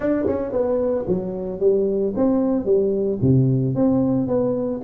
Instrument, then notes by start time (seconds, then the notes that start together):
tuba
0.00 D4
0.26 C#4
0.52 B3
1.07 F#3
1.59 G3
2.16 C4
2.65 G3
3.21 C3
3.75 C4
4.27 B3